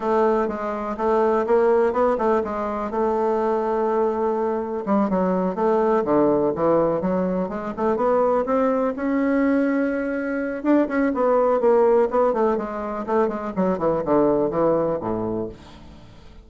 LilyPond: \new Staff \with { instrumentName = "bassoon" } { \time 4/4 \tempo 4 = 124 a4 gis4 a4 ais4 | b8 a8 gis4 a2~ | a2 g8 fis4 a8~ | a8 d4 e4 fis4 gis8 |
a8 b4 c'4 cis'4.~ | cis'2 d'8 cis'8 b4 | ais4 b8 a8 gis4 a8 gis8 | fis8 e8 d4 e4 a,4 | }